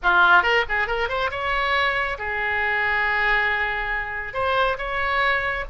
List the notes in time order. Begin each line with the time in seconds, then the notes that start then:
0.02 F4
0.42 A#4
0.68 G#4
0.87 A#4
1.08 C5
1.30 C#5
2.18 G#4
4.33 C5
4.77 C#5